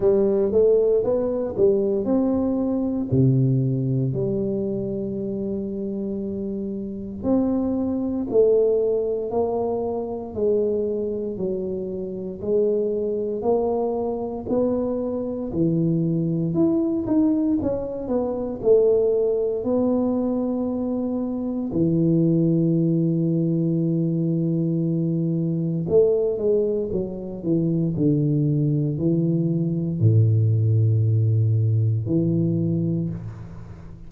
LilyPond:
\new Staff \with { instrumentName = "tuba" } { \time 4/4 \tempo 4 = 58 g8 a8 b8 g8 c'4 c4 | g2. c'4 | a4 ais4 gis4 fis4 | gis4 ais4 b4 e4 |
e'8 dis'8 cis'8 b8 a4 b4~ | b4 e2.~ | e4 a8 gis8 fis8 e8 d4 | e4 a,2 e4 | }